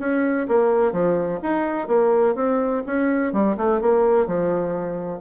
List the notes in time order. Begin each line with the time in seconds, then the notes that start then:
0.00 C#4
0.48 A#3
0.93 F3
1.43 D#4
1.88 A#3
2.36 C4
2.87 C#4
3.33 G3
3.58 A3
3.82 A#3
4.27 F3